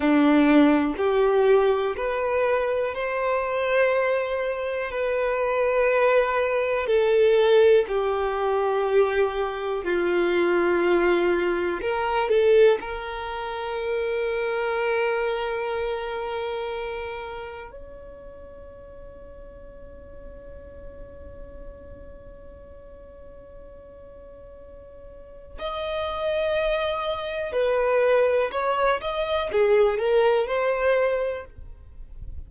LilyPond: \new Staff \with { instrumentName = "violin" } { \time 4/4 \tempo 4 = 61 d'4 g'4 b'4 c''4~ | c''4 b'2 a'4 | g'2 f'2 | ais'8 a'8 ais'2.~ |
ais'2 cis''2~ | cis''1~ | cis''2 dis''2 | b'4 cis''8 dis''8 gis'8 ais'8 c''4 | }